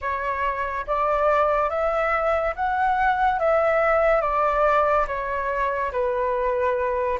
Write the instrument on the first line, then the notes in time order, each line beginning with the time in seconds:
flute
0.01 C#5
0.86 D5
1.69 E5
2.55 F#5
3.39 E5
4.21 D5
5.07 C#5
5.92 B4